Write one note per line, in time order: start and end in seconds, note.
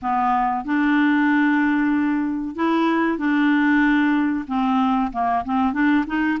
0.01 0.64 B3
0.64 2.55 D4
2.55 3.17 E4
3.17 4.45 D4
4.47 5.11 C4
5.12 5.44 A#3
5.44 5.73 C4
5.73 6.05 D4
6.06 6.38 D#4